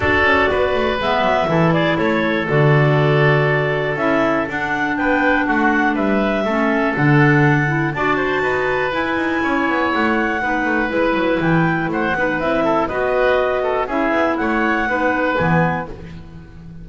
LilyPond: <<
  \new Staff \with { instrumentName = "clarinet" } { \time 4/4 \tempo 4 = 121 d''2 e''4. d''8 | cis''4 d''2. | e''4 fis''4 g''4 fis''4 | e''2 fis''2 |
a''2 gis''2 | fis''2 b'4 g''4 | fis''4 e''4 dis''2 | e''4 fis''2 gis''4 | }
  \new Staff \with { instrumentName = "oboe" } { \time 4/4 a'4 b'2 a'8 gis'8 | a'1~ | a'2 b'4 fis'4 | b'4 a'2. |
d''8 c''8 b'2 cis''4~ | cis''4 b'2. | c''8 b'4 a'8 b'4. a'8 | gis'4 cis''4 b'2 | }
  \new Staff \with { instrumentName = "clarinet" } { \time 4/4 fis'2 b4 e'4~ | e'4 fis'2. | e'4 d'2.~ | d'4 cis'4 d'4. e'8 |
fis'2 e'2~ | e'4 dis'4 e'2~ | e'8 dis'8 e'4 fis'2 | e'2 dis'4 b4 | }
  \new Staff \with { instrumentName = "double bass" } { \time 4/4 d'8 cis'8 b8 a8 gis8 fis8 e4 | a4 d2. | cis'4 d'4 b4 a4 | g4 a4 d2 |
d'4 dis'4 e'8 dis'8 cis'8 b8 | a4 b8 a8 gis8 fis8 e4 | a8 b8 c'4 b2 | cis'8 b8 a4 b4 e4 | }
>>